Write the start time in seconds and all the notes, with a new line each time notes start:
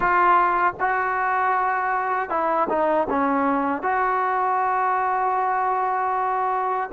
0.00 F4
0.79 F#4
2.29 E4
2.69 D#4
3.09 C#4
3.82 F#4